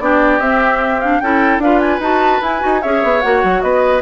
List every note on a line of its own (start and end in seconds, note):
0.00 0.40 B3
0.00 0.41 D4
0.00 1.23 G4
0.00 0.40 D5
0.40 1.21 C4
0.40 1.01 C4
0.40 1.00 E5
1.01 1.22 D4
1.01 1.20 F5
1.20 1.58 C#4
1.20 1.63 E4
1.20 1.63 A4
1.20 1.61 G5
1.58 1.99 D4
1.58 2.01 F4
1.58 2.82 B4
1.58 1.80 F5
1.80 2.00 G#5
2.00 2.40 D#4
2.00 2.42 F#4
2.00 2.43 A5
2.42 2.62 E4
2.42 2.60 E4
2.42 2.82 G#5
2.60 2.85 D#4
2.60 2.81 F#4
2.82 3.04 C#4
2.82 3.23 G#4
2.82 3.63 C#5
2.82 3.21 E5
3.04 3.24 B3
3.21 3.44 A#3
3.21 4.02 F#4
3.21 3.61 F#5
3.44 3.63 F#3
3.62 4.02 B3
3.62 4.02 B4
3.62 4.02 D#5